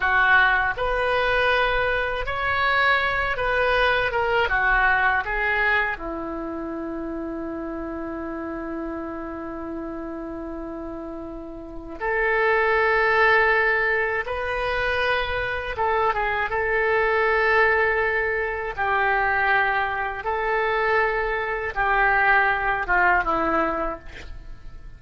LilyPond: \new Staff \with { instrumentName = "oboe" } { \time 4/4 \tempo 4 = 80 fis'4 b'2 cis''4~ | cis''8 b'4 ais'8 fis'4 gis'4 | e'1~ | e'1 |
a'2. b'4~ | b'4 a'8 gis'8 a'2~ | a'4 g'2 a'4~ | a'4 g'4. f'8 e'4 | }